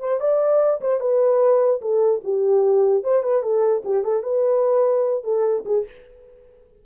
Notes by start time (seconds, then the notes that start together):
0.00 C5
0.21 D5
0.81 C5
1.00 B4
1.81 A4
2.24 G4
3.03 C5
3.23 B4
3.43 A4
3.85 G4
4.04 A4
4.23 B4
5.24 A4
5.65 G#4